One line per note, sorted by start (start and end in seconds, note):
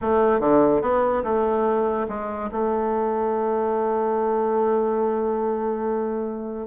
0.01 0.40 A3
0.40 0.81 D3
0.81 1.23 B3
1.23 2.07 A3
2.08 2.50 G#3
2.51 6.67 A3